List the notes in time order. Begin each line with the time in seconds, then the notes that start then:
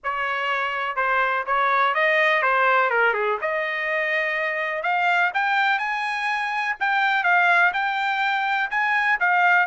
0.03 C#5
0.96 C5
1.46 C#5
1.94 D#5
2.42 C5
2.89 A#4
3.13 G#4
3.41 D#5
4.83 F5
5.34 G5
5.78 G#5
6.80 G5
7.23 F5
7.73 G5
8.70 G#5
9.20 F5